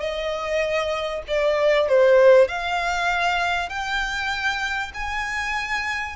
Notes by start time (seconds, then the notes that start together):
0.00 D#5
1.28 D5
1.88 C5
2.48 F5
3.69 G5
4.94 G#5